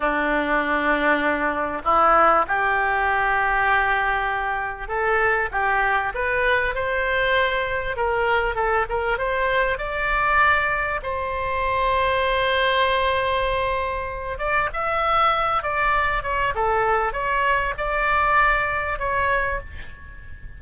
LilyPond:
\new Staff \with { instrumentName = "oboe" } { \time 4/4 \tempo 4 = 98 d'2. e'4 | g'1 | a'4 g'4 b'4 c''4~ | c''4 ais'4 a'8 ais'8 c''4 |
d''2 c''2~ | c''2.~ c''8 d''8 | e''4. d''4 cis''8 a'4 | cis''4 d''2 cis''4 | }